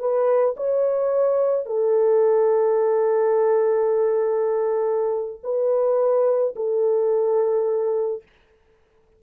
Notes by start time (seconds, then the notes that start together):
0.00 B4
0.57 C#5
1.66 A4
5.44 B4
6.56 A4